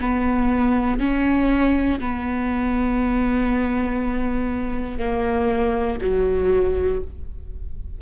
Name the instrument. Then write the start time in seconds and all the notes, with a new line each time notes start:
viola
0.00 B3
1.00 C#4
2.00 B3
4.99 A#3
6.01 F#3